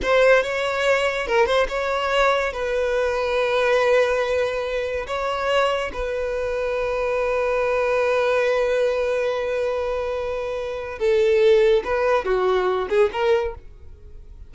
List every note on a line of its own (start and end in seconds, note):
0.02 0.42 C5
0.42 1.27 C#5
1.27 1.45 A#4
1.45 1.67 C5
1.68 2.52 C#5
2.53 5.06 B4
5.06 5.91 C#5
5.93 10.98 B4
10.98 11.83 A4
11.84 12.24 B4
12.24 12.88 F#4
12.89 13.10 G#4
13.12 13.54 A#4